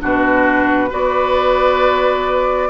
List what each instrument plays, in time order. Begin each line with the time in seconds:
0.00 bassoon B2, clarinet D4, oboe F#4, flute B4
0.89 bassoon B3, clarinet F#4, oboe B4, flute D5